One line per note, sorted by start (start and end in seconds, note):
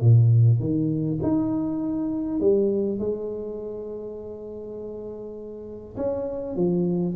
0.00 0.59 A#2
0.59 1.19 D#3
1.22 2.40 D#4
2.40 2.99 G3
2.99 5.96 G#3
5.96 6.55 C#4
6.55 7.15 F3